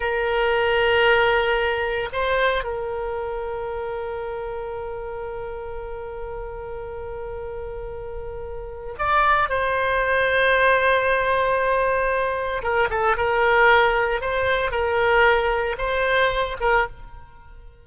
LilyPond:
\new Staff \with { instrumentName = "oboe" } { \time 4/4 \tempo 4 = 114 ais'1 | c''4 ais'2.~ | ais'1~ | ais'1~ |
ais'4 d''4 c''2~ | c''1 | ais'8 a'8 ais'2 c''4 | ais'2 c''4. ais'8 | }